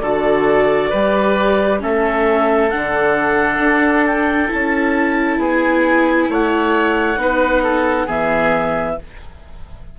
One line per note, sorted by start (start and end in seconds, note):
0.00 0.91 D3
0.00 0.93 F#4
0.00 0.90 A4
0.00 1.79 D5
0.90 1.82 G3
0.90 1.79 G4
0.90 1.79 B4
1.79 2.73 A3
1.79 2.69 C#4
1.79 5.39 A4
1.79 2.70 E5
2.70 3.59 D3
2.70 4.48 D4
2.70 4.04 F#5
3.59 4.49 D4
4.06 4.51 G5
4.48 5.38 C#4
4.48 7.17 E4
4.48 5.41 A5
5.38 6.28 B3
5.38 6.29 G#4
5.38 6.30 G#5
6.29 7.17 A3
6.29 7.20 C#5
6.29 8.09 F#5
7.17 8.07 B3
7.17 8.07 D#4
7.17 7.63 B4
7.63 8.07 A4
8.07 8.97 E3
8.07 8.97 B3
8.07 8.96 G#4
8.07 8.99 E5